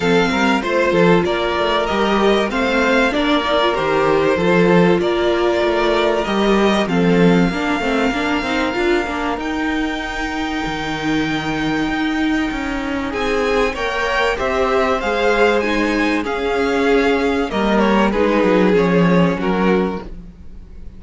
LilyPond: <<
  \new Staff \with { instrumentName = "violin" } { \time 4/4 \tempo 4 = 96 f''4 c''4 d''4 dis''4 | f''4 d''4 c''2 | d''2 dis''4 f''4~ | f''2. g''4~ |
g''1~ | g''4 gis''4 g''4 e''4 | f''4 gis''4 f''2 | dis''8 cis''8 b'4 cis''4 ais'4 | }
  \new Staff \with { instrumentName = "violin" } { \time 4/4 a'8 ais'8 c''8 a'8 ais'2 | c''4 ais'2 a'4 | ais'2. a'4 | ais'1~ |
ais'1~ | ais'4 gis'4 cis''4 c''4~ | c''2 gis'2 | ais'4 gis'2 fis'4 | }
  \new Staff \with { instrumentName = "viola" } { \time 4/4 c'4 f'2 g'4 | c'4 d'8 dis'16 f'16 g'4 f'4~ | f'2 g'4 c'4 | d'8 c'8 d'8 dis'8 f'8 d'8 dis'4~ |
dis'1~ | dis'2 ais'4 g'4 | gis'4 dis'4 cis'2 | ais4 dis'4 cis'2 | }
  \new Staff \with { instrumentName = "cello" } { \time 4/4 f8 g8 a8 f8 ais8 a8 g4 | a4 ais4 dis4 f4 | ais4 a4 g4 f4 | ais8 a8 ais8 c'8 d'8 ais8 dis'4~ |
dis'4 dis2 dis'4 | cis'4 c'4 ais4 c'4 | gis2 cis'2 | g4 gis8 fis8 f4 fis4 | }
>>